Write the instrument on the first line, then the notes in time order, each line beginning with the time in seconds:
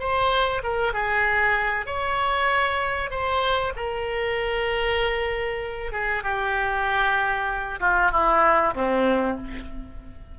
oboe
0.00 C5
0.64 A#4
0.94 G#4
1.87 C#5
3.11 C5
3.76 A#4
5.93 G#4
6.24 G4
7.81 F4
8.12 E4
8.75 C4